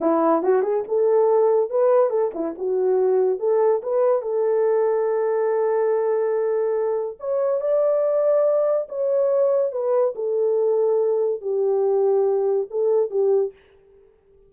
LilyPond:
\new Staff \with { instrumentName = "horn" } { \time 4/4 \tempo 4 = 142 e'4 fis'8 gis'8 a'2 | b'4 a'8 e'8 fis'2 | a'4 b'4 a'2~ | a'1~ |
a'4 cis''4 d''2~ | d''4 cis''2 b'4 | a'2. g'4~ | g'2 a'4 g'4 | }